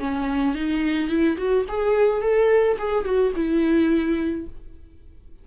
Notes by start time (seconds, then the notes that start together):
0.00 C#4
0.55 D#4
1.09 E4
1.38 F#4
1.69 G#4
2.22 A4
2.79 G#4
3.05 F#4
3.36 E4